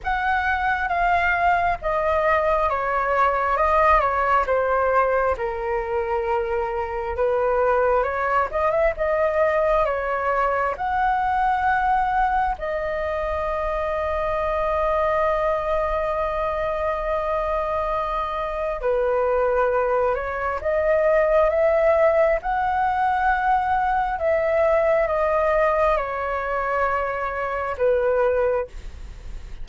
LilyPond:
\new Staff \with { instrumentName = "flute" } { \time 4/4 \tempo 4 = 67 fis''4 f''4 dis''4 cis''4 | dis''8 cis''8 c''4 ais'2 | b'4 cis''8 dis''16 e''16 dis''4 cis''4 | fis''2 dis''2~ |
dis''1~ | dis''4 b'4. cis''8 dis''4 | e''4 fis''2 e''4 | dis''4 cis''2 b'4 | }